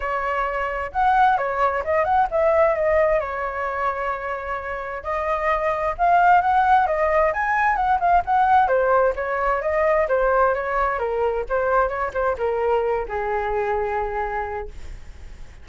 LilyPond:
\new Staff \with { instrumentName = "flute" } { \time 4/4 \tempo 4 = 131 cis''2 fis''4 cis''4 | dis''8 fis''8 e''4 dis''4 cis''4~ | cis''2. dis''4~ | dis''4 f''4 fis''4 dis''4 |
gis''4 fis''8 f''8 fis''4 c''4 | cis''4 dis''4 c''4 cis''4 | ais'4 c''4 cis''8 c''8 ais'4~ | ais'8 gis'2.~ gis'8 | }